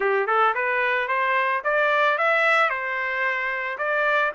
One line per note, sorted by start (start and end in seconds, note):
0.00 0.26 G4
0.27 0.54 A4
0.54 1.08 B4
1.08 1.62 C5
1.64 2.18 D5
2.18 2.69 E5
2.69 3.77 C5
3.78 4.32 D5